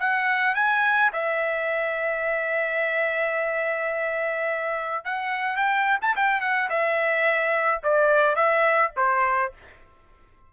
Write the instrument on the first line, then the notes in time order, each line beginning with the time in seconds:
trumpet
0.00 F#5
0.55 G#5
1.13 E5
5.05 F#5
5.57 G5
6.02 A5
6.16 G5
6.41 F#5
6.70 E5
7.84 D5
8.36 E5
8.97 C5